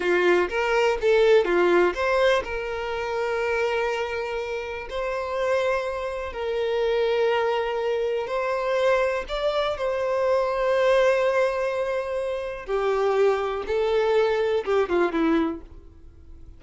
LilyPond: \new Staff \with { instrumentName = "violin" } { \time 4/4 \tempo 4 = 123 f'4 ais'4 a'4 f'4 | c''4 ais'2.~ | ais'2 c''2~ | c''4 ais'2.~ |
ais'4 c''2 d''4 | c''1~ | c''2 g'2 | a'2 g'8 f'8 e'4 | }